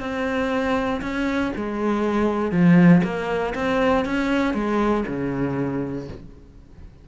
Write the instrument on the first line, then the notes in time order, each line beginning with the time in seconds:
cello
0.00 C4
1.02 C#4
1.56 G#3
2.52 F3
3.03 A#3
3.55 C4
4.05 C#4
4.54 G#3
5.07 C#3